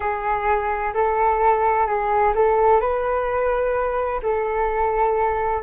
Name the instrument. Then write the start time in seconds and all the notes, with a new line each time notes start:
flute
0.00 G#4
0.94 A4
1.86 G#4
2.35 A4
2.80 B4
4.22 A4